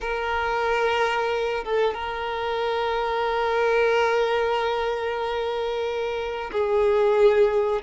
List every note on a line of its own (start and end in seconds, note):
0.00 1.63 A#4
1.64 1.94 A4
1.94 6.50 A#4
6.52 7.82 G#4